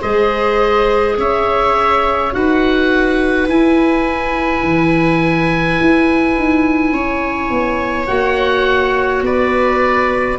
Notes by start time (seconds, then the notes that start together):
0.00 G#3 G#4 C5 D#5
1.17 C#4 C#5 E5
2.32 D#4 F#4 B4 F#5
3.47 E4 G#5
4.63 E3
5.80 E4
6.37 D#4
6.91 C#4 C#5
7.50 B3
8.07 A#3 F#4 F#5
9.21 B3 B4 D5